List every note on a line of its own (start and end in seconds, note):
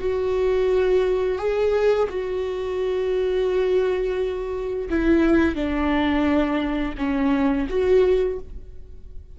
0.00 1.39 F#4
1.39 2.08 G#4
2.10 4.89 F#4
4.90 5.55 E4
5.55 6.95 D4
6.98 7.68 C#4
7.70 8.39 F#4